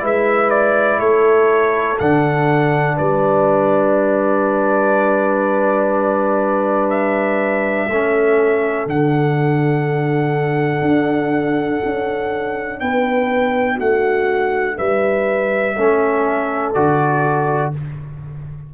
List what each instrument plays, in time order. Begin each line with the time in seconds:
0.00 tuba G#3, trombone E4, horn B4, trumpet E5
0.50 trumpet D5
1.00 tuba A3, horn A4, trumpet C#5
1.99 tuba D3, trombone D4, trumpet F#5
2.96 tuba G3, horn B4, trumpet D5
6.90 trumpet E5
7.88 tuba A3, trombone C#4, horn A4
8.86 tuba D3, trombone D4, trumpet F#5
10.81 tuba D4
11.85 tuba C#4
12.80 tuba B3, horn B4, trumpet G5
13.75 tuba A3, horn F#4, trumpet F#5
14.77 tuba G3, horn B4, trumpet E5
15.76 tuba A3, trombone C#4, horn A4
16.74 tuba D3, trombone F#4, trumpet D5